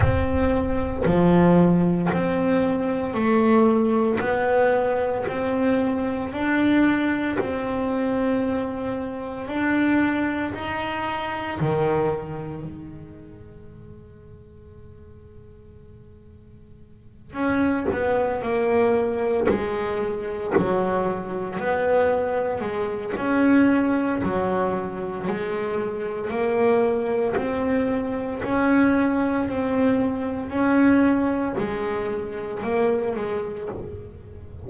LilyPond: \new Staff \with { instrumentName = "double bass" } { \time 4/4 \tempo 4 = 57 c'4 f4 c'4 a4 | b4 c'4 d'4 c'4~ | c'4 d'4 dis'4 dis4 | gis1~ |
gis8 cis'8 b8 ais4 gis4 fis8~ | fis8 b4 gis8 cis'4 fis4 | gis4 ais4 c'4 cis'4 | c'4 cis'4 gis4 ais8 gis8 | }